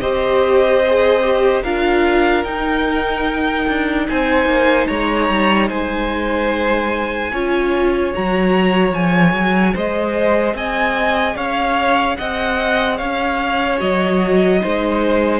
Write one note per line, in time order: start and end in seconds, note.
0.00 1.63 C4
0.00 0.82 G4
0.00 1.63 C5
0.00 1.62 D#5
0.86 1.22 G#4
1.22 1.62 G4
1.63 2.43 D4
1.63 2.45 F4
1.63 4.06 A#4
1.63 2.44 F5
2.43 3.65 D#4
2.43 7.31 D#4
2.43 4.06 G5
3.67 4.08 D4
4.08 4.45 C4
4.08 4.87 C5
4.08 4.87 G#5
4.45 4.86 A#3
4.87 5.29 G#3
4.87 5.68 C#5
4.87 5.68 A#5
5.29 5.69 G3
5.68 7.32 G#3
5.68 7.31 C5
5.68 8.12 G#5
7.32 8.13 C#4
7.32 8.13 F4
7.32 9.73 C#5
8.13 8.92 F#3
8.13 8.94 F#4
8.13 8.93 A#5
8.92 9.33 F3
8.92 13.79 G#4
8.92 9.74 G#5
9.33 9.73 F#3
9.73 10.54 G#3
9.73 10.54 C5
9.73 10.56 D#5
10.54 11.35 C4
10.54 11.35 D#5
10.54 11.36 G#5
11.35 12.17 C#4
11.35 12.17 C#5
11.35 12.16 F5
12.16 13.00 C4
12.16 12.97 D#5
12.16 12.97 F#5
12.97 13.81 C#4
12.97 14.59 C#5
12.97 13.78 F5
13.79 14.62 F#3
13.79 14.60 F#4
13.79 15.40 D#5
14.60 15.40 G#3
14.60 15.40 D#4
14.60 15.40 C5